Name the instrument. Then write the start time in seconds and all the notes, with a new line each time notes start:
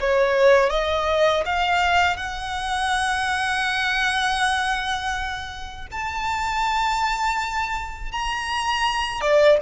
violin
0.00 C#5
0.70 D#5
1.45 F5
2.16 F#5
5.91 A5
8.12 A#5
9.21 D5